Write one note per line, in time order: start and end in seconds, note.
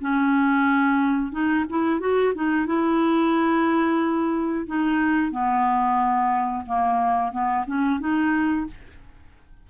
0.00 1.31 C#4
1.31 1.65 D#4
1.69 2.00 E4
2.00 2.33 F#4
2.34 2.66 D#4
2.66 4.66 E4
4.66 5.31 D#4
5.31 6.64 B3
6.65 7.31 A#3
7.31 7.65 B3
7.66 7.99 C#4
8.00 8.66 D#4